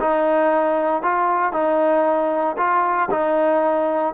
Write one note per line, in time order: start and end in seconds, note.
0.00 1.02 D#4
1.02 1.53 F4
1.53 2.56 D#4
2.57 3.09 F4
3.11 4.14 D#4